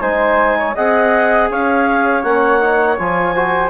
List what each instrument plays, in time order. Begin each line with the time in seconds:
0.00 bassoon G#3, trombone D#4, flute C5, clarinet G#5
0.58 flute C#5
0.75 bassoon C4, trombone G#4, flute D#5, clarinet F#5
1.50 bassoon C#4, flute C#5, clarinet F5
2.22 bassoon A#3, trombone C#4, clarinet F#5
2.60 trombone D#4
2.98 bassoon F3, trombone F4, clarinet G#5
3.35 trombone F#4, flute C5